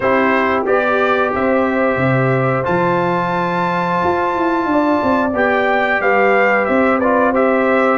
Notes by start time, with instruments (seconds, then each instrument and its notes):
0.00 tuba C4, trombone E4, horn G4, trumpet C5
0.65 tuba B3, trombone G4, trumpet D5
1.34 tuba C4, horn C5, trumpet E5
1.96 tuba C3
2.63 tuba F3, trombone F4, trumpet A5
4.03 tuba F4
4.35 tuba E4
4.65 tuba D4, horn D5
5.02 tuba C4
5.33 tuba B3, trombone G4, trumpet G5
6.00 tuba G3, horn B4, trumpet F5
6.65 tuba C4, horn C5, trumpet E5
6.98 trombone F4, horn B4, trumpet D5
7.31 trombone G4, horn C5, trumpet E5